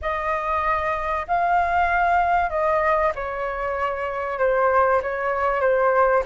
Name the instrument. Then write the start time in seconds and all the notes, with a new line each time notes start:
flute
0.01 D#5
1.27 F5
2.49 D#5
3.15 C#5
4.38 C5
5.01 C#5
5.60 C5